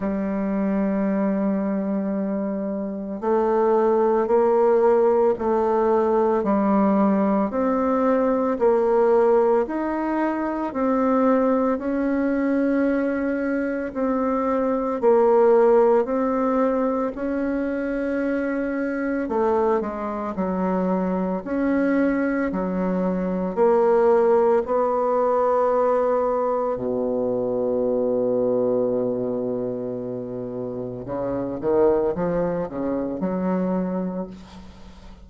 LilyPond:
\new Staff \with { instrumentName = "bassoon" } { \time 4/4 \tempo 4 = 56 g2. a4 | ais4 a4 g4 c'4 | ais4 dis'4 c'4 cis'4~ | cis'4 c'4 ais4 c'4 |
cis'2 a8 gis8 fis4 | cis'4 fis4 ais4 b4~ | b4 b,2.~ | b,4 cis8 dis8 f8 cis8 fis4 | }